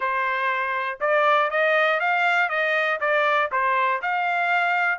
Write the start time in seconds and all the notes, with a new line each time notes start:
0.00 C5
1.00 D5
1.50 D#5
2.00 F5
2.49 D#5
3.00 D5
3.51 C5
4.02 F5